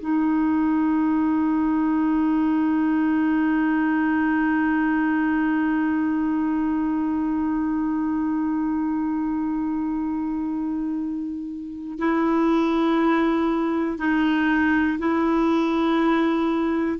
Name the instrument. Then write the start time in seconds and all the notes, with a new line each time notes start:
clarinet
0.00 D#4
11.99 E4
13.99 D#4
14.99 E4